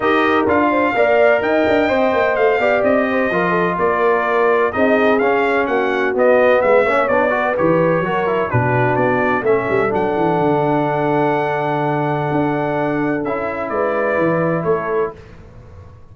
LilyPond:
<<
  \new Staff \with { instrumentName = "trumpet" } { \time 4/4 \tempo 4 = 127 dis''4 f''2 g''4~ | g''4 f''4 dis''2 | d''2 dis''4 f''4 | fis''4 dis''4 e''4 d''4 |
cis''2 b'4 d''4 | e''4 fis''2.~ | fis''1 | e''4 d''2 cis''4 | }
  \new Staff \with { instrumentName = "horn" } { \time 4/4 ais'4. c''8 d''4 dis''4~ | dis''4. d''4 c''8 ais'8 a'8 | ais'2 gis'2 | fis'2 b'8 cis''4 b'8~ |
b'4 ais'4 fis'2 | a'1~ | a'1~ | a'4 b'2 a'4 | }
  \new Staff \with { instrumentName = "trombone" } { \time 4/4 g'4 f'4 ais'2 | c''4. g'4. f'4~ | f'2 dis'4 cis'4~ | cis'4 b4. cis'8 d'8 fis'8 |
g'4 fis'8 e'8 d'2 | cis'4 d'2.~ | d'1 | e'1 | }
  \new Staff \with { instrumentName = "tuba" } { \time 4/4 dis'4 d'4 ais4 dis'8 d'8 | c'8 ais8 a8 b8 c'4 f4 | ais2 c'4 cis'4 | ais4 b4 gis8 ais8 b4 |
e4 fis4 b,4 b4 | a8 g8 fis8 e8 d2~ | d2 d'2 | cis'4 gis4 e4 a4 | }
>>